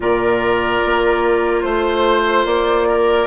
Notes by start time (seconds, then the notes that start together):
0.00 A#2 F4 A#4 D5
0.84 A#3
1.61 A3 C5
2.45 A#3 D5
2.87 A#4